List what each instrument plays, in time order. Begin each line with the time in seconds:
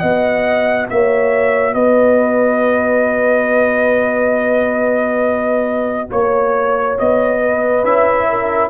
0.00 tuba B3, trombone F#4, horn D#5, trumpet F#5
0.90 tuba A#3, horn C#5, trumpet E5
1.74 tuba B3, horn B4, trumpet D#5
6.11 tuba A#3, trumpet C#5, horn C#5
6.99 tuba B3, trumpet D#5
7.40 horn B4
7.84 tuba C#4, trombone E4, trumpet E5
8.30 horn A#4